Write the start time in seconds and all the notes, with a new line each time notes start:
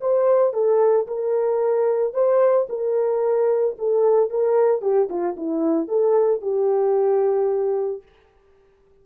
0.00 C5
0.53 A4
1.07 A#4
2.14 C5
2.69 A#4
3.78 A4
4.30 A#4
4.82 G4
5.09 F4
5.36 E4
5.88 A4
6.42 G4